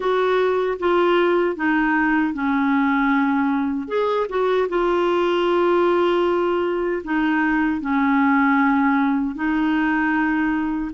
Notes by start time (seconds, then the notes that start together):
0.00 F#4
0.79 F4
1.56 D#4
2.33 C#4
3.87 G#4
4.29 F#4
4.68 F4
7.03 D#4
7.81 C#4
9.35 D#4